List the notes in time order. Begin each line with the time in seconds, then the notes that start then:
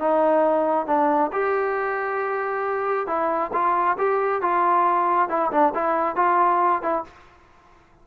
0.00 D#4
0.87 D4
1.33 G4
3.08 E4
3.54 F4
3.98 G4
4.42 F4
5.29 E4
5.52 D4
5.75 E4
6.16 F4
6.82 E4